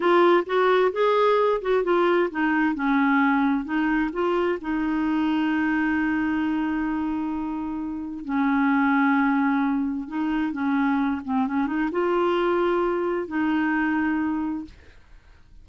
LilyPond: \new Staff \with { instrumentName = "clarinet" } { \time 4/4 \tempo 4 = 131 f'4 fis'4 gis'4. fis'8 | f'4 dis'4 cis'2 | dis'4 f'4 dis'2~ | dis'1~ |
dis'2 cis'2~ | cis'2 dis'4 cis'4~ | cis'8 c'8 cis'8 dis'8 f'2~ | f'4 dis'2. | }